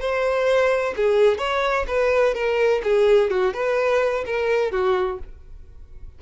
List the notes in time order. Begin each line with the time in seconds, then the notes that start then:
0.00 C5
0.96 G#4
1.38 C#5
1.88 B4
2.35 A#4
2.83 G#4
3.30 F#4
3.53 B4
4.25 A#4
4.71 F#4